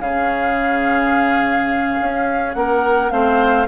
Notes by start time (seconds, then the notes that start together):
0.00 C#3 C#4 G#4 F5
2.01 C#4
2.54 A#3 A#4 F#5
3.11 A3 C4 C5 F5